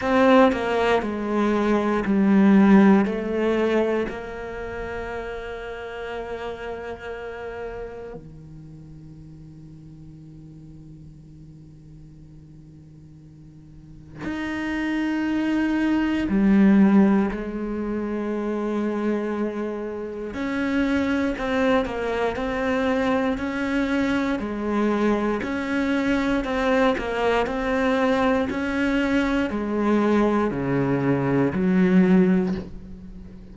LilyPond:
\new Staff \with { instrumentName = "cello" } { \time 4/4 \tempo 4 = 59 c'8 ais8 gis4 g4 a4 | ais1 | dis1~ | dis2 dis'2 |
g4 gis2. | cis'4 c'8 ais8 c'4 cis'4 | gis4 cis'4 c'8 ais8 c'4 | cis'4 gis4 cis4 fis4 | }